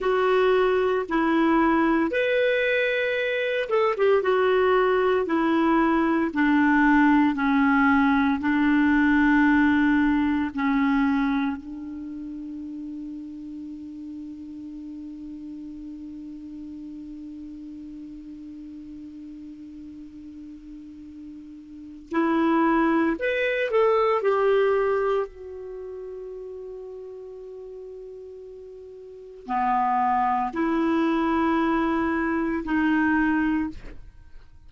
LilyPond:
\new Staff \with { instrumentName = "clarinet" } { \time 4/4 \tempo 4 = 57 fis'4 e'4 b'4. a'16 g'16 | fis'4 e'4 d'4 cis'4 | d'2 cis'4 d'4~ | d'1~ |
d'1~ | d'4 e'4 b'8 a'8 g'4 | fis'1 | b4 e'2 dis'4 | }